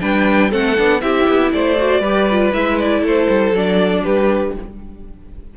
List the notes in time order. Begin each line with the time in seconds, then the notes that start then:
0.00 G3 D4 B4 G5
0.50 A3 C4 A4 F#5
0.77 B3 D4
1.01 C4 E4 G4 E5
1.28 B3
1.52 A3 C5 D5
1.78 F#4
2.00 G3 G4 B4
2.30 F4
2.53 G#3 E4 E5
2.79 D5
3.02 A3 A4 C5
3.29 G3
3.52 F#3 D4 D5
4.03 G3 G4 B4